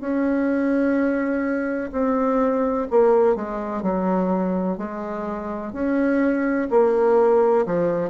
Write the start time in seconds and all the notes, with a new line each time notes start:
0.00 C#4
1.92 C4
2.90 A#3
3.35 G#3
3.82 F#3
4.77 G#3
5.72 C#4
6.70 A#3
7.66 F3